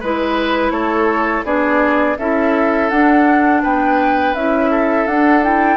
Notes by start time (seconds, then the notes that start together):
0.00 G#3 E4 B4
0.71 A3 A4 C#5
1.45 B3 D4 G#4 D5
2.19 C#4 E4 A4 E5
2.90 D4 F#5
3.63 B3 B4 G5
4.35 C#4 E4 E5
4.71 A4
5.07 D4 F#5
5.43 E4 G5